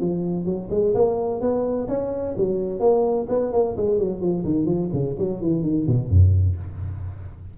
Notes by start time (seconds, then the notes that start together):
0.00 F3
0.45 F#3
0.70 G#3
0.94 A#3
1.40 B3
1.88 C#4
2.37 F#3
2.79 A#3
3.29 B3
3.52 A#3
3.76 G#3
3.98 F#3
4.20 F3
4.44 D#3
4.65 F3
4.92 C#3
5.18 F#3
5.41 E3
5.62 D#3
5.86 B2
6.09 F#2